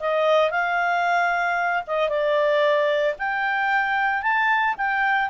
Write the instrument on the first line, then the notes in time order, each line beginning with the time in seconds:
clarinet
0.00 D#5
0.51 F5
1.87 D#5
2.09 D5
3.19 G5
4.22 A5
4.78 G5